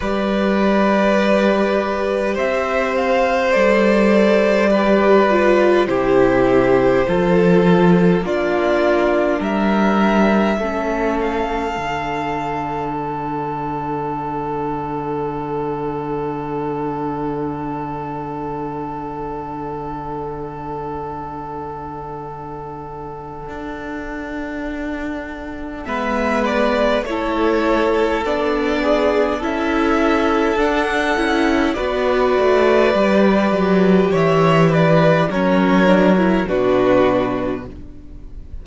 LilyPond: <<
  \new Staff \with { instrumentName = "violin" } { \time 4/4 \tempo 4 = 51 d''2 e''8 f''8 d''4~ | d''4 c''2 d''4 | e''4. f''4. fis''4~ | fis''1~ |
fis''1~ | fis''2 e''8 d''8 cis''4 | d''4 e''4 fis''4 d''4~ | d''4 e''8 d''8 cis''4 b'4 | }
  \new Staff \with { instrumentName = "violin" } { \time 4/4 b'2 c''2 | b'4 g'4 a'4 f'4 | ais'4 a'2.~ | a'1~ |
a'1~ | a'2 b'4 a'4~ | a'8 gis'8 a'2 b'4~ | b'4 cis''8 b'8 ais'4 fis'4 | }
  \new Staff \with { instrumentName = "viola" } { \time 4/4 g'2. a'4 | g'8 f'8 e'4 f'4 d'4~ | d'4 cis'4 d'2~ | d'1~ |
d'1~ | d'2 b4 e'4 | d'4 e'4 d'8 e'8 fis'4 | g'2 cis'8 d'16 e'16 d'4 | }
  \new Staff \with { instrumentName = "cello" } { \time 4/4 g2 c'4 g4~ | g4 c4 f4 ais4 | g4 a4 d2~ | d1~ |
d1 | d'2 gis4 a4 | b4 cis'4 d'8 cis'8 b8 a8 | g8 fis8 e4 fis4 b,4 | }
>>